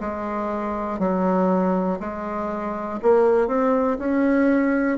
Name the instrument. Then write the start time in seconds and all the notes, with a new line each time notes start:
bassoon
0.00 G#3
0.99 F#3
1.99 G#3
3.02 A#3
3.47 C4
3.99 C#4